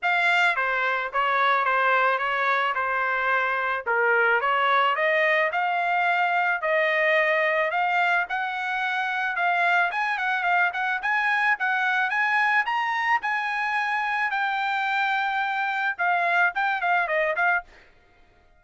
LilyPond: \new Staff \with { instrumentName = "trumpet" } { \time 4/4 \tempo 4 = 109 f''4 c''4 cis''4 c''4 | cis''4 c''2 ais'4 | cis''4 dis''4 f''2 | dis''2 f''4 fis''4~ |
fis''4 f''4 gis''8 fis''8 f''8 fis''8 | gis''4 fis''4 gis''4 ais''4 | gis''2 g''2~ | g''4 f''4 g''8 f''8 dis''8 f''8 | }